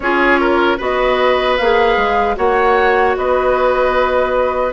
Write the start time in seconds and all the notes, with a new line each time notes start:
0.00 C#4 F4 G#4 C#5
0.40 A#4
0.77 B3 F#4 B4 D#5
1.57 A#3 G#4 F5
1.96 G#3
2.35 A#3 F#4 C#5 F#5
3.16 B3 B4 D#5